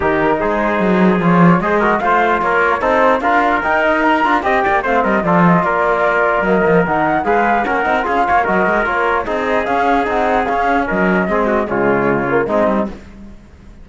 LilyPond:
<<
  \new Staff \with { instrumentName = "flute" } { \time 4/4 \tempo 4 = 149 ais'4 c''2 cis''4 | dis''4 f''4 cis''4 c''4 | f''4 g''8 dis''8 ais''4 g''4 | f''8 dis''8 d''8 dis''8 d''2 |
dis''4 fis''4 f''4 fis''4 | f''4 dis''4 cis''4 dis''4 | f''4 fis''4 f''4 dis''4~ | dis''4 cis''2 dis''4 | }
  \new Staff \with { instrumentName = "trumpet" } { \time 4/4 g'4 gis'2. | c''8 ais'8 c''4 ais'4 a'4 | ais'2. dis''8 d''8 | c''8 ais'8 a'4 ais'2~ |
ais'2 b'4 ais'4 | gis'8 cis''8 ais'2 gis'4~ | gis'2. ais'4 | gis'8 fis'8 f'2 dis'4 | }
  \new Staff \with { instrumentName = "trombone" } { \time 4/4 dis'2. f'4 | gis'8 fis'8 f'2 dis'4 | f'4 dis'4. f'8 g'4 | c'4 f'2. |
ais4 dis'4 gis'4 cis'8 dis'8 | f'4 fis'4 f'4 dis'4 | cis'4 dis'4 cis'2 | c'4 gis4. ais8 c'4 | }
  \new Staff \with { instrumentName = "cello" } { \time 4/4 dis4 gis4 fis4 f4 | gis4 a4 ais4 c'4 | d'4 dis'4. d'8 c'8 ais8 | a8 g8 f4 ais2 |
fis8 f8 dis4 gis4 ais8 c'8 | cis'8 ais8 fis8 gis8 ais4 c'4 | cis'4 c'4 cis'4 fis4 | gis4 cis2 gis8 g8 | }
>>